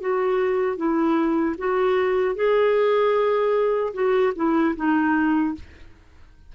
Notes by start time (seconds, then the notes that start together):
0.00 F#4
0.77 E4
1.58 F#4
2.35 G#4
3.94 F#4
4.36 E4
4.76 D#4